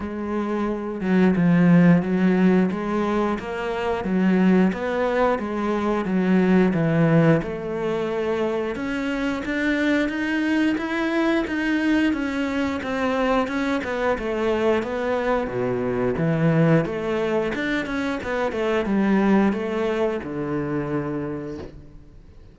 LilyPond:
\new Staff \with { instrumentName = "cello" } { \time 4/4 \tempo 4 = 89 gis4. fis8 f4 fis4 | gis4 ais4 fis4 b4 | gis4 fis4 e4 a4~ | a4 cis'4 d'4 dis'4 |
e'4 dis'4 cis'4 c'4 | cis'8 b8 a4 b4 b,4 | e4 a4 d'8 cis'8 b8 a8 | g4 a4 d2 | }